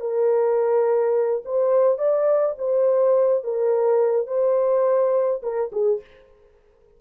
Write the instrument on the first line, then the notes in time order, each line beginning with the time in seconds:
horn
0.00 A#4
1.45 C5
1.98 D5
2.58 C5
3.44 A#4
4.27 C5
5.42 A#4
5.72 G#4